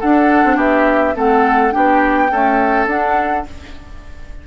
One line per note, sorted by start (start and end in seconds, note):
0.00 0.44 D4
0.00 1.15 D4
0.00 0.56 A4
0.00 0.58 F#5
0.44 0.56 C4
0.56 1.14 B3
0.56 1.14 G4
0.56 1.16 E5
1.15 1.74 A3
1.15 1.71 C4
1.15 1.74 A4
1.15 1.72 F#5
1.71 2.31 B3
1.71 2.29 D4
1.71 2.31 G4
1.71 2.87 G5
2.31 2.88 A3
2.31 2.87 C#4
2.31 3.47 A4
2.87 3.44 D4
2.87 3.46 D4
2.87 3.46 F#5